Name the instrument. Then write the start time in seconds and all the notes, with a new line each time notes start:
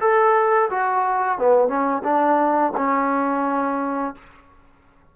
trombone
0.00 A4
0.70 F#4
1.38 B3
1.67 C#4
2.03 D4
2.76 C#4